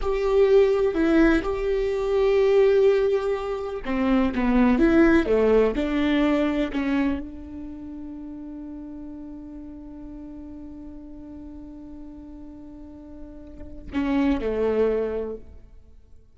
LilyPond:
\new Staff \with { instrumentName = "viola" } { \time 4/4 \tempo 4 = 125 g'2 e'4 g'4~ | g'1 | c'4 b4 e'4 a4 | d'2 cis'4 d'4~ |
d'1~ | d'1~ | d'1~ | d'4 cis'4 a2 | }